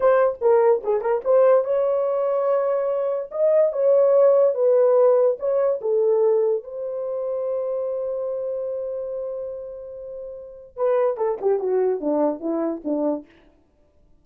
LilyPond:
\new Staff \with { instrumentName = "horn" } { \time 4/4 \tempo 4 = 145 c''4 ais'4 gis'8 ais'8 c''4 | cis''1 | dis''4 cis''2 b'4~ | b'4 cis''4 a'2 |
c''1~ | c''1~ | c''2 b'4 a'8 g'8 | fis'4 d'4 e'4 d'4 | }